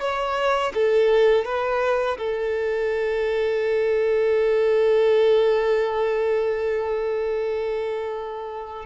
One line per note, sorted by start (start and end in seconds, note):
0.00 0.72 C#5
0.74 1.45 A4
1.45 2.17 B4
2.18 8.85 A4